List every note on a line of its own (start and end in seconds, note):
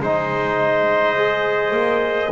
0.00 1.71 G#3
0.00 1.17 D#4
0.00 2.32 C5
0.06 2.32 D#5
1.17 2.32 G#4
1.71 2.29 A#3